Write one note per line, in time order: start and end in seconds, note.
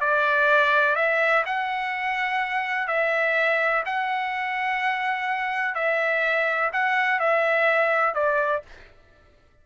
0.00 0.95 D5
0.95 1.43 E5
1.45 2.87 F#5
2.87 3.83 E5
3.85 5.74 F#5
5.74 6.70 E5
6.72 7.19 F#5
7.19 8.14 E5
8.14 8.62 D5